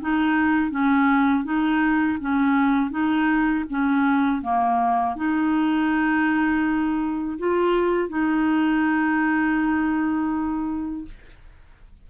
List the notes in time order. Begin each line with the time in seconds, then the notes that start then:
0.00 D#4
0.70 C#4
1.44 D#4
2.20 C#4
2.90 D#4
3.70 C#4
4.41 A#3
5.15 D#4
7.38 F4
8.08 D#4